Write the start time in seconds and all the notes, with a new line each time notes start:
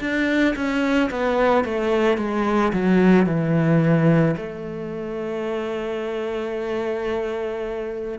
0.00 D4
0.56 C#4
1.11 B3
1.64 A3
2.18 G#3
2.73 F#3
3.26 E3
4.37 A3